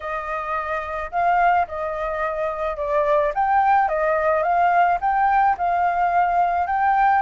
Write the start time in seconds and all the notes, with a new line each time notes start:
0.00 D#5
1.11 F5
1.67 D#5
2.76 D5
3.34 G5
3.88 D#5
4.43 F5
5.01 G5
5.57 F5
6.66 G5